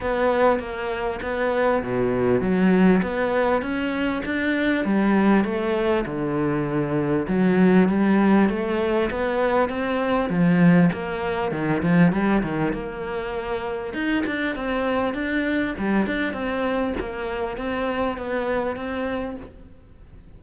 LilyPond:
\new Staff \with { instrumentName = "cello" } { \time 4/4 \tempo 4 = 99 b4 ais4 b4 b,4 | fis4 b4 cis'4 d'4 | g4 a4 d2 | fis4 g4 a4 b4 |
c'4 f4 ais4 dis8 f8 | g8 dis8 ais2 dis'8 d'8 | c'4 d'4 g8 d'8 c'4 | ais4 c'4 b4 c'4 | }